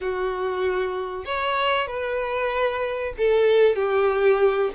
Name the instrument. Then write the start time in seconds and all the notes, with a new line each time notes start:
violin
0.01 F#4
1.25 C#5
1.87 B4
3.18 A4
3.75 G4